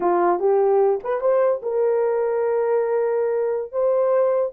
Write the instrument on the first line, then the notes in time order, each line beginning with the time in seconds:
horn
0.00 F4
0.39 G4
1.03 B4
1.20 C5
1.62 A#4
3.72 C5